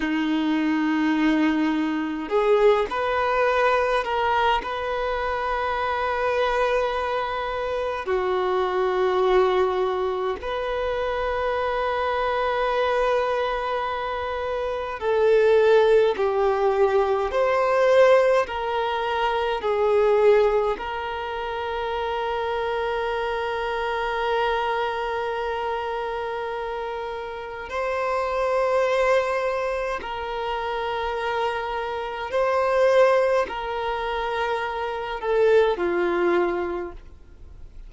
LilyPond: \new Staff \with { instrumentName = "violin" } { \time 4/4 \tempo 4 = 52 dis'2 gis'8 b'4 ais'8 | b'2. fis'4~ | fis'4 b'2.~ | b'4 a'4 g'4 c''4 |
ais'4 gis'4 ais'2~ | ais'1 | c''2 ais'2 | c''4 ais'4. a'8 f'4 | }